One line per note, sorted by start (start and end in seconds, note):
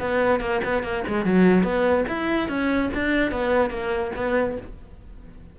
0.00 0.40 B3
0.40 0.61 A#3
0.64 0.83 B3
0.83 1.04 A#3
1.08 1.25 G#3
1.25 1.63 F#3
1.63 2.05 B3
2.08 2.49 E4
2.49 2.90 C#4
2.94 3.31 D4
3.31 3.70 B3
3.70 4.12 A#3
4.16 4.57 B3